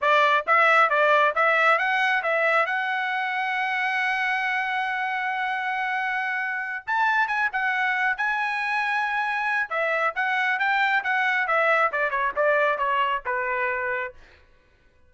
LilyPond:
\new Staff \with { instrumentName = "trumpet" } { \time 4/4 \tempo 4 = 136 d''4 e''4 d''4 e''4 | fis''4 e''4 fis''2~ | fis''1~ | fis''2.~ fis''8 a''8~ |
a''8 gis''8 fis''4. gis''4.~ | gis''2 e''4 fis''4 | g''4 fis''4 e''4 d''8 cis''8 | d''4 cis''4 b'2 | }